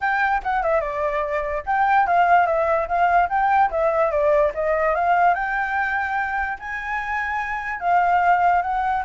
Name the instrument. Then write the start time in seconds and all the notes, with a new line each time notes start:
flute
0.00 G5
0.43 F#5
0.63 E5
0.81 D5
1.66 G5
2.06 F5
2.46 E5
2.87 F5
3.29 G5
3.70 E5
4.11 D5
4.54 D#5
4.94 F5
5.34 G5
6.59 G#5
7.80 F5
8.62 F#5